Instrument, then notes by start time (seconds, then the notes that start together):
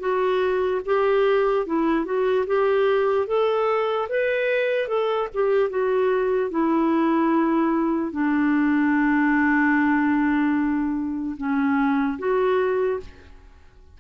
clarinet
0.00 F#4
0.86 G4
1.67 E4
2.05 F#4
2.47 G4
3.27 A4
4.09 B4
4.88 A4
5.34 G4
5.70 F#4
6.51 E4
8.12 D4
11.37 C#4
12.19 F#4